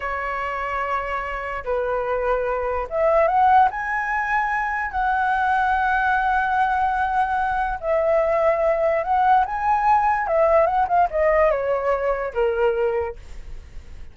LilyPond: \new Staff \with { instrumentName = "flute" } { \time 4/4 \tempo 4 = 146 cis''1 | b'2. e''4 | fis''4 gis''2. | fis''1~ |
fis''2. e''4~ | e''2 fis''4 gis''4~ | gis''4 e''4 fis''8 f''8 dis''4 | cis''2 ais'2 | }